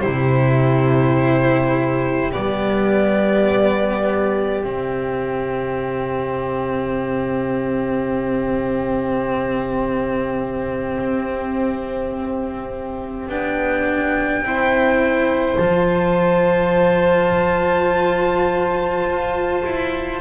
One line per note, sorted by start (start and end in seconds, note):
0.00 2.35 C3
0.00 2.32 E4
0.00 14.44 G4
0.00 2.31 C5
2.32 4.63 G3
2.32 4.62 B3
2.32 4.63 D5
4.63 10.98 C3
4.63 13.29 C4
4.63 13.29 E5
10.99 13.29 C4
13.29 14.41 B3
13.29 14.44 D4
13.29 15.57 G5
14.41 15.57 C4
14.41 15.60 E4
14.41 20.21 C5
15.57 19.05 F3
15.57 20.21 F4
15.57 20.19 A5
19.05 19.62 F4
19.64 20.21 E4